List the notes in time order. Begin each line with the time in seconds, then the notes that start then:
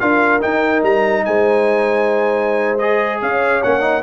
0.00 D4 F4 A#4 F5
0.41 D#4 G5
0.83 G3 A#5
1.25 G#3 C5 G#5
2.78 G#4 D#5
3.22 C#4 C#5 F5
3.63 A#3 C#4 F#5
3.81 D#4